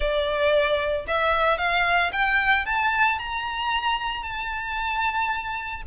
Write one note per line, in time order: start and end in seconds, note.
0.00 1.05 D5
1.07 1.58 E5
1.58 2.11 F5
2.12 2.65 G5
2.65 3.18 A5
3.18 4.23 A#5
4.23 5.82 A5